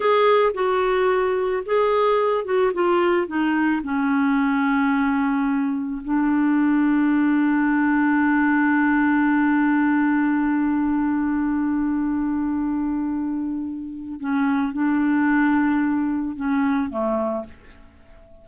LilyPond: \new Staff \with { instrumentName = "clarinet" } { \time 4/4 \tempo 4 = 110 gis'4 fis'2 gis'4~ | gis'8 fis'8 f'4 dis'4 cis'4~ | cis'2. d'4~ | d'1~ |
d'1~ | d'1~ | d'2 cis'4 d'4~ | d'2 cis'4 a4 | }